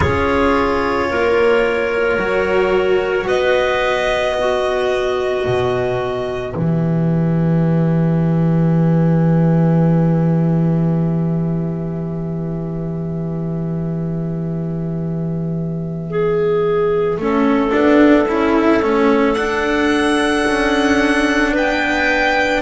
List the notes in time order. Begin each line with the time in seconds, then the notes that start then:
0.00 C#4 F4 G#4 C#5
1.10 A#3 A#4
2.17 F#3 F#4
3.26 B3 B4 D#5
4.37 B3 F#4
5.45 B2
6.53 E3 G4 E5
16.09 G#4
17.17 A3 C#4 A4
17.71 B3 D4
18.28 C#4 E4
18.82 A3 C#4
19.34 D4 F#5
20.47 C#4
21.52 B3 B4 G5